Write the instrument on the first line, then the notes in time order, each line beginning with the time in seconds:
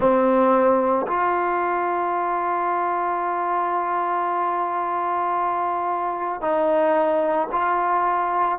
trombone
0.00 C4
1.07 F4
6.40 D#4
7.52 F4